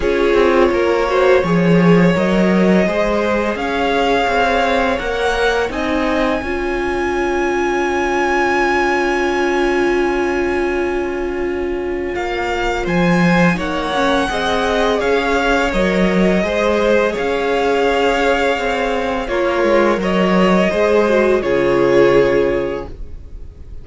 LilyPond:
<<
  \new Staff \with { instrumentName = "violin" } { \time 4/4 \tempo 4 = 84 cis''2. dis''4~ | dis''4 f''2 fis''4 | gis''1~ | gis''1~ |
gis''4 f''4 gis''4 fis''4~ | fis''4 f''4 dis''2 | f''2. cis''4 | dis''2 cis''2 | }
  \new Staff \with { instrumentName = "violin" } { \time 4/4 gis'4 ais'8 c''8 cis''2 | c''4 cis''2. | dis''4 cis''2.~ | cis''1~ |
cis''2 c''4 cis''4 | dis''4 cis''2 c''4 | cis''2. f'4 | cis''4 c''4 gis'2 | }
  \new Staff \with { instrumentName = "viola" } { \time 4/4 f'4. fis'8 gis'4 ais'4 | gis'2. ais'4 | dis'4 f'2.~ | f'1~ |
f'2. dis'8 cis'8 | gis'2 ais'4 gis'4~ | gis'2. ais'4~ | ais'4 gis'8 fis'8 f'2 | }
  \new Staff \with { instrumentName = "cello" } { \time 4/4 cis'8 c'8 ais4 f4 fis4 | gis4 cis'4 c'4 ais4 | c'4 cis'2.~ | cis'1~ |
cis'4 ais4 f4 ais4 | c'4 cis'4 fis4 gis4 | cis'2 c'4 ais8 gis8 | fis4 gis4 cis2 | }
>>